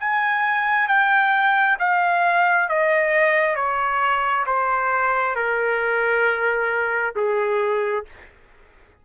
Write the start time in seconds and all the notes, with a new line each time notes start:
0.00 G#5
0.88 G5
1.79 F5
2.69 D#5
3.55 C#5
4.46 C5
5.35 A#4
7.15 G#4